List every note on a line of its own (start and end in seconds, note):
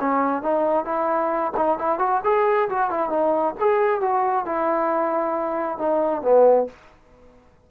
0.00 0.43 C#4
0.43 0.85 D#4
0.85 1.52 E4
1.57 1.78 D#4
1.78 1.99 E4
1.99 2.21 F#4
2.24 2.69 G#4
2.69 2.91 F#4
2.91 3.10 E4
3.10 3.54 D#4
3.60 4.01 G#4
4.01 4.46 F#4
4.46 5.78 E4
5.78 6.22 D#4
6.22 6.67 B3